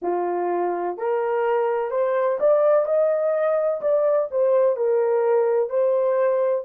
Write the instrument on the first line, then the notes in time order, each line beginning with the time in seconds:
horn
0.02 F4
0.97 A#4
1.90 C5
2.40 D5
2.85 D#5
3.81 D5
4.30 C5
4.76 A#4
5.69 C5